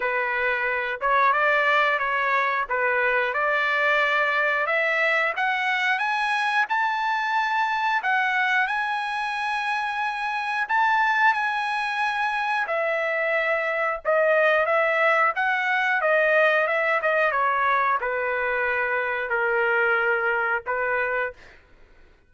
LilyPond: \new Staff \with { instrumentName = "trumpet" } { \time 4/4 \tempo 4 = 90 b'4. cis''8 d''4 cis''4 | b'4 d''2 e''4 | fis''4 gis''4 a''2 | fis''4 gis''2. |
a''4 gis''2 e''4~ | e''4 dis''4 e''4 fis''4 | dis''4 e''8 dis''8 cis''4 b'4~ | b'4 ais'2 b'4 | }